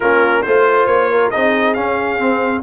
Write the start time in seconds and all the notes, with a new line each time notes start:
0.00 A#3 C#4 F4 A#4
0.42 A3 F4 C5
0.86 A#3 C#5
1.10 A#4
1.30 C4 D#4 G#4 D#5
1.73 C#4 F5
2.18 C4